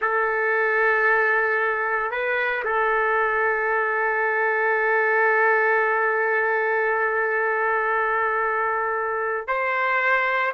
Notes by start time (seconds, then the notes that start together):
0.01 A4
2.11 B4
2.64 A4
9.47 C5